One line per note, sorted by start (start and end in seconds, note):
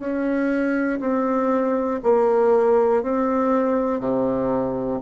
0.00 1.00 C#4
1.00 2.00 C4
2.04 3.03 A#3
3.03 4.00 C4
4.00 5.00 C3